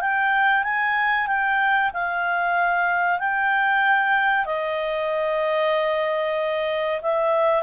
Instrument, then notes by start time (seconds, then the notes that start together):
clarinet
0.00 G5
0.63 G#5
1.27 G5
1.93 F5
3.19 G5
4.45 D#5
7.02 E5